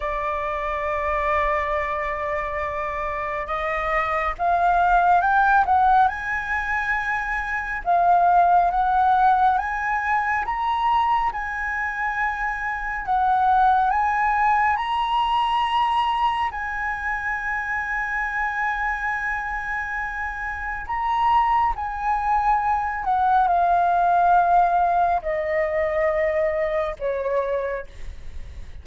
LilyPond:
\new Staff \with { instrumentName = "flute" } { \time 4/4 \tempo 4 = 69 d''1 | dis''4 f''4 g''8 fis''8 gis''4~ | gis''4 f''4 fis''4 gis''4 | ais''4 gis''2 fis''4 |
gis''4 ais''2 gis''4~ | gis''1 | ais''4 gis''4. fis''8 f''4~ | f''4 dis''2 cis''4 | }